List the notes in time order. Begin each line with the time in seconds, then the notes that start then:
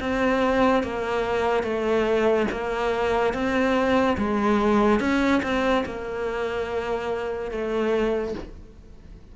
0.00 C4
0.83 A#3
1.63 A3
2.51 A#3
3.33 C4
4.17 G#3
5.00 C#4
5.43 C4
5.86 A#3
7.51 A3